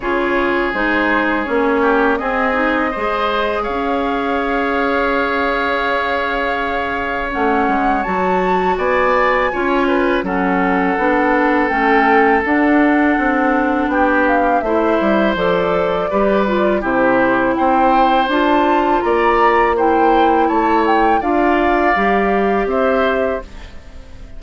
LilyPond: <<
  \new Staff \with { instrumentName = "flute" } { \time 4/4 \tempo 4 = 82 cis''4 c''4 cis''4 dis''4~ | dis''4 f''2.~ | f''2 fis''4 a''4 | gis''2 fis''2 |
g''4 fis''2 g''8 f''8 | e''4 d''2 c''4 | g''4 a''4 ais''4 g''4 | a''8 g''8 f''2 e''4 | }
  \new Staff \with { instrumentName = "oboe" } { \time 4/4 gis'2~ gis'8 g'8 gis'4 | c''4 cis''2.~ | cis''1 | d''4 cis''8 b'8 a'2~ |
a'2. g'4 | c''2 b'4 g'4 | c''2 d''4 c''4 | cis''4 d''2 c''4 | }
  \new Staff \with { instrumentName = "clarinet" } { \time 4/4 f'4 dis'4 cis'4 c'8 dis'8 | gis'1~ | gis'2 cis'4 fis'4~ | fis'4 f'4 cis'4 d'4 |
cis'4 d'2. | e'4 a'4 g'8 f'8 e'4~ | e'4 f'2 e'4~ | e'4 f'4 g'2 | }
  \new Staff \with { instrumentName = "bassoon" } { \time 4/4 cis4 gis4 ais4 c'4 | gis4 cis'2.~ | cis'2 a8 gis8 fis4 | b4 cis'4 fis4 b4 |
a4 d'4 c'4 b4 | a8 g8 f4 g4 c4 | c'4 d'4 ais2 | a4 d'4 g4 c'4 | }
>>